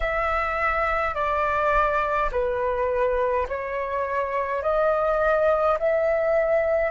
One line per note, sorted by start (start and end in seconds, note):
0.00 1.14 E5
1.14 2.30 D5
2.31 3.47 B4
3.48 4.62 C#5
4.62 5.77 D#5
5.78 6.91 E5